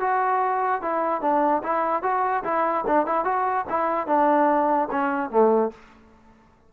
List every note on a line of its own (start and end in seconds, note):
0.00 0.81 F#4
0.81 1.21 E4
1.21 1.62 D4
1.63 2.02 E4
2.02 2.43 F#4
2.43 2.84 E4
2.87 3.06 D4
3.06 3.24 E4
3.24 3.65 F#4
3.69 4.07 E4
4.07 4.88 D4
4.91 5.30 C#4
5.30 5.71 A3